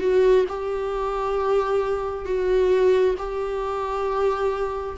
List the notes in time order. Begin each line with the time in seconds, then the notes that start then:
0.00 F#4
0.48 G4
2.26 F#4
3.18 G4